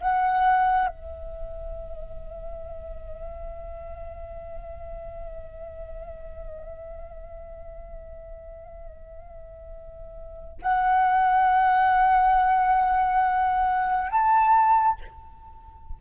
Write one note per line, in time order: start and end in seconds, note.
0.00 0.87 F#5
0.87 10.58 E5
10.62 14.10 F#5
14.10 14.98 A5